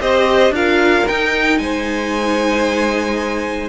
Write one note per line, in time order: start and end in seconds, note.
0.00 0.49 C4
0.00 0.53 G4
0.00 0.53 C5
0.00 0.53 D#5
0.49 1.02 D4
0.49 1.06 F4
0.49 1.59 A#4
0.49 1.07 F5
1.06 3.69 D#4
1.06 1.58 D#4
1.06 1.58 G5
1.58 3.69 G#3
1.58 3.69 C5
1.58 3.68 G#5